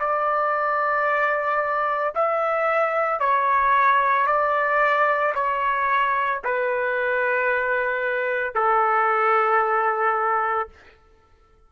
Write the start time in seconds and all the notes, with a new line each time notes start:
0.00 D5
2.16 E5
3.20 C#5
4.27 D5
5.35 C#5
6.45 B4
8.55 A4